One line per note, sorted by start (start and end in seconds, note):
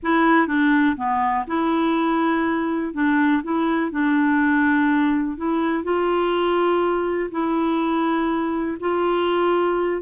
0.02 0.47 E4
0.47 0.96 D4
0.96 1.45 B3
1.47 2.93 E4
2.93 3.42 D4
3.43 3.91 E4
3.91 5.37 D4
5.37 5.83 E4
5.83 7.29 F4
7.31 8.77 E4
8.80 10.01 F4